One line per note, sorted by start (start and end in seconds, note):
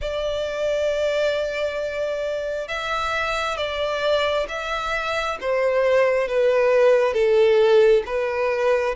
0.01 2.67 D5
2.67 3.57 E5
3.57 4.47 D5
4.48 5.37 E5
5.41 6.28 C5
6.28 7.13 B4
7.13 8.03 A4
8.06 8.95 B4